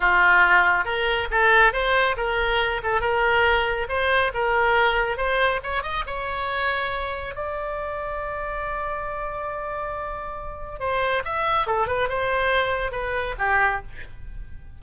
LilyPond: \new Staff \with { instrumentName = "oboe" } { \time 4/4 \tempo 4 = 139 f'2 ais'4 a'4 | c''4 ais'4. a'8 ais'4~ | ais'4 c''4 ais'2 | c''4 cis''8 dis''8 cis''2~ |
cis''4 d''2.~ | d''1~ | d''4 c''4 e''4 a'8 b'8 | c''2 b'4 g'4 | }